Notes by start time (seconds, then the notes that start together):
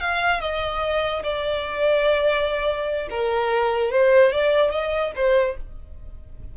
0.00 F5
0.40 D#5
1.23 D5
3.10 A#4
3.91 C5
4.32 D5
4.71 D#5
5.15 C5